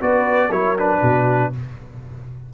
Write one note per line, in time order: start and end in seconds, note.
0.00 0.50 B3
0.00 0.50 F#4
0.00 0.49 B4
0.00 0.51 D5
0.49 1.00 F#3
0.49 0.77 E4
0.49 0.99 A#4
0.49 0.76 C#5
0.77 1.52 D4
0.77 1.53 B4
1.00 1.52 B2
1.00 1.50 F#4